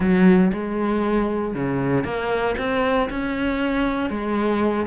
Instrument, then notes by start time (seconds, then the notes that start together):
cello
0.00 F#3
0.52 G#3
1.54 C#3
2.04 A#3
2.58 C4
3.10 C#4
4.10 G#3